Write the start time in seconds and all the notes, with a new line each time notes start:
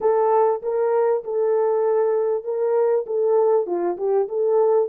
0.01 A4
0.62 A#4
1.24 A4
2.44 A#4
3.06 A4
3.66 F4
3.97 G4
4.28 A4